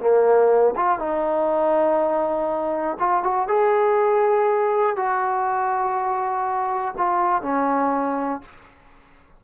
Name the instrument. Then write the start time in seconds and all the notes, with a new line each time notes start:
trombone
0.00 A#3
0.76 F4
0.99 D#4
2.99 F4
3.23 F#4
3.48 G#4
4.96 F#4
6.97 F4
7.42 C#4